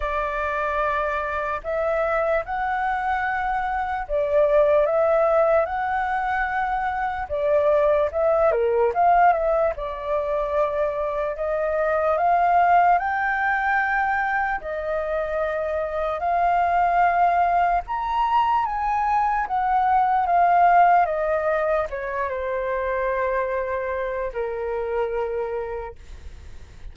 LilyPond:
\new Staff \with { instrumentName = "flute" } { \time 4/4 \tempo 4 = 74 d''2 e''4 fis''4~ | fis''4 d''4 e''4 fis''4~ | fis''4 d''4 e''8 ais'8 f''8 e''8 | d''2 dis''4 f''4 |
g''2 dis''2 | f''2 ais''4 gis''4 | fis''4 f''4 dis''4 cis''8 c''8~ | c''2 ais'2 | }